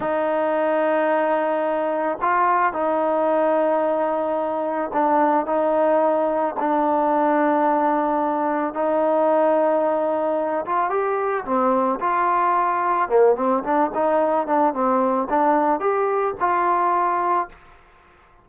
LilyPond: \new Staff \with { instrumentName = "trombone" } { \time 4/4 \tempo 4 = 110 dis'1 | f'4 dis'2.~ | dis'4 d'4 dis'2 | d'1 |
dis'2.~ dis'8 f'8 | g'4 c'4 f'2 | ais8 c'8 d'8 dis'4 d'8 c'4 | d'4 g'4 f'2 | }